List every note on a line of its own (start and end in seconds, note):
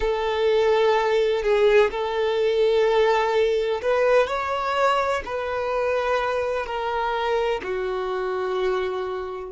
0.00 1.42 A4
1.42 1.90 G#4
1.90 3.81 A4
3.81 4.27 B4
4.27 5.22 C#5
5.25 6.66 B4
6.66 7.61 A#4
7.63 9.51 F#4